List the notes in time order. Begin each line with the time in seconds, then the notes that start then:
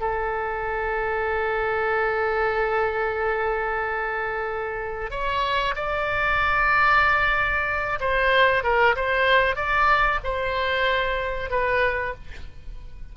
0.00 A4
5.10 C#5
5.75 D5
8.00 C5
8.63 A#4
8.95 C5
9.55 D5
10.23 C5
11.50 B4